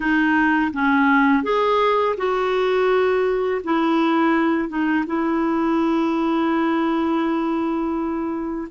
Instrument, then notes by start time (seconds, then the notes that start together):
clarinet
0.00 D#4
0.73 C#4
1.43 G#4
2.17 F#4
3.64 E4
4.68 D#4
5.06 E4